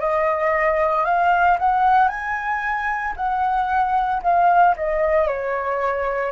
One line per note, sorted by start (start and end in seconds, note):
0.00 1.05 D#5
1.05 1.57 F5
1.59 2.08 F#5
2.08 3.13 G#5
3.16 4.22 F#5
4.22 4.75 F5
4.77 5.27 D#5
5.27 6.32 C#5